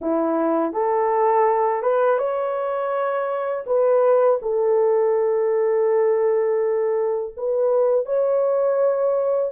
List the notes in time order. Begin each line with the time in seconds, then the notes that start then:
0.01 E4
0.73 A4
1.82 B4
2.18 C#5
3.66 B4
4.42 A4
7.36 B4
8.05 C#5